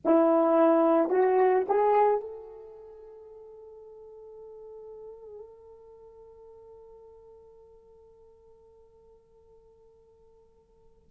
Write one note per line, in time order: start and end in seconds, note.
0.05 1.10 E4
1.10 1.65 F#4
1.68 2.20 G#4
2.20 11.09 A4